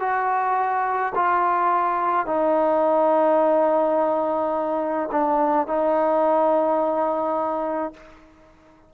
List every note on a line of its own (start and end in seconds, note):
0.00 1.13 F#4
1.15 2.27 F4
2.27 5.10 D#4
5.12 5.67 D4
5.67 7.94 D#4